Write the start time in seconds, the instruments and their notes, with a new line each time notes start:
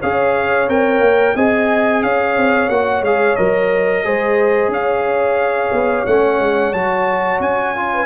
0.00 tuba C#4, trombone G#4, horn C#5, trumpet F5
0.69 tuba C4, trombone A#4, trumpet G5
1.00 tuba A#3
1.35 tuba C4, trombone G#4, horn D#5, trumpet G#5
2.03 tuba C#4, horn C#5, trumpet F5
2.37 tuba C4
2.69 tuba A#3, trombone F#4, trumpet F#5
3.01 tuba G#3, trombone G#4, trumpet F5
3.36 tuba F#3, trombone A#4, trumpet D#5
4.04 tuba G#3, trombone G#4, horn C5
4.68 tuba C#4, horn C#5, trumpet F5
5.72 tuba B3
6.06 tuba A3, trombone C#4, trumpet F#5
6.40 tuba G#3
6.73 tuba F#3, trombone F#4, trumpet A5
7.40 tuba C#4, trumpet G#5
7.76 trombone F4
7.94 horn B4